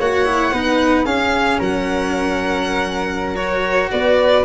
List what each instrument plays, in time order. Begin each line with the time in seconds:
0.00 tuba A#3, cello F#4, flute C#5, violin F#5
0.26 cello E4
0.53 tuba B3, cello D#4, flute B4
1.05 tuba C#4, cello C#4, flute G#4, violin F5
1.59 tuba F#3, flute A#4, violin F#5
3.35 cello F#4, violin C#5
3.91 tuba B3, flute B4, violin D5